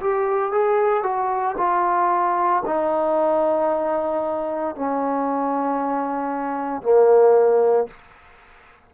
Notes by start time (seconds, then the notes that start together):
0.00 G4
0.52 G#4
1.03 F#4
1.57 F4
2.65 D#4
4.75 C#4
6.82 A#3